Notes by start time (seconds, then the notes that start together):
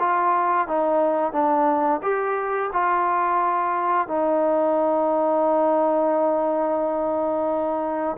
0.00 F4
0.68 D#4
1.33 D4
2.03 G4
2.73 F4
4.08 D#4